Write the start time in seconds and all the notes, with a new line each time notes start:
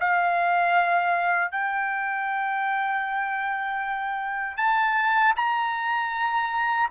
0.00 F5
1.51 G5
4.57 A5
5.36 A#5